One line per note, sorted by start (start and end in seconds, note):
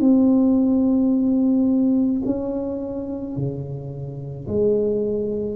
0.00 2.22 C4
2.25 3.36 C#4
3.36 4.47 C#3
4.48 5.56 G#3